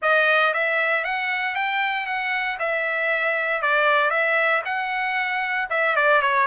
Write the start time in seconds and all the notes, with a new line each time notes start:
0.01 D#5
0.53 E5
1.04 F#5
1.55 G5
2.06 F#5
2.59 E5
3.62 D5
4.10 E5
4.65 F#5
5.70 E5
5.96 D5
6.21 C#5